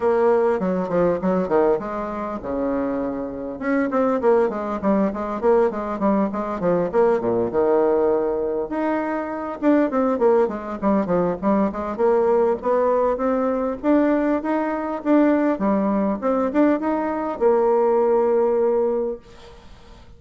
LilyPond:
\new Staff \with { instrumentName = "bassoon" } { \time 4/4 \tempo 4 = 100 ais4 fis8 f8 fis8 dis8 gis4 | cis2 cis'8 c'8 ais8 gis8 | g8 gis8 ais8 gis8 g8 gis8 f8 ais8 | ais,8 dis2 dis'4. |
d'8 c'8 ais8 gis8 g8 f8 g8 gis8 | ais4 b4 c'4 d'4 | dis'4 d'4 g4 c'8 d'8 | dis'4 ais2. | }